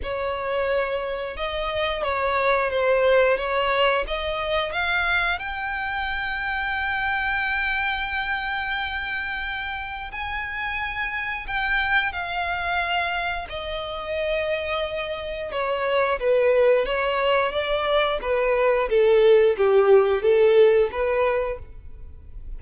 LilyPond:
\new Staff \with { instrumentName = "violin" } { \time 4/4 \tempo 4 = 89 cis''2 dis''4 cis''4 | c''4 cis''4 dis''4 f''4 | g''1~ | g''2. gis''4~ |
gis''4 g''4 f''2 | dis''2. cis''4 | b'4 cis''4 d''4 b'4 | a'4 g'4 a'4 b'4 | }